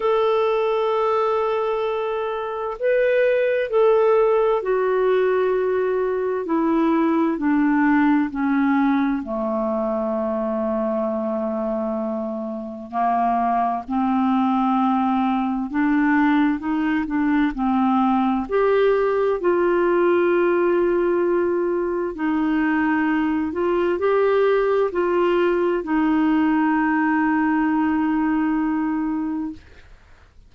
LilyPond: \new Staff \with { instrumentName = "clarinet" } { \time 4/4 \tempo 4 = 65 a'2. b'4 | a'4 fis'2 e'4 | d'4 cis'4 a2~ | a2 ais4 c'4~ |
c'4 d'4 dis'8 d'8 c'4 | g'4 f'2. | dis'4. f'8 g'4 f'4 | dis'1 | }